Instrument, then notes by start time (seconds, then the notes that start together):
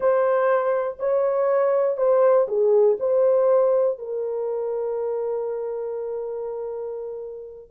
horn
0.00 C5
0.99 C#5
1.97 C5
2.47 G#4
2.99 C5
3.98 A#4